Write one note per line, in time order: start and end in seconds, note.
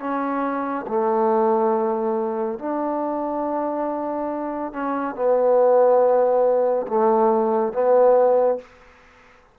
0.00 0.86 C#4
0.88 2.59 A3
2.59 4.73 D4
4.73 5.15 C#4
5.15 6.86 B3
6.88 7.73 A3
7.73 8.58 B3